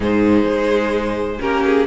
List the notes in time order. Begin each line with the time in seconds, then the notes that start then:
0.00 G#2 D#4 G#4 C5
0.45 G#3
1.39 A#3 C#4 G4 A#4
1.65 G#4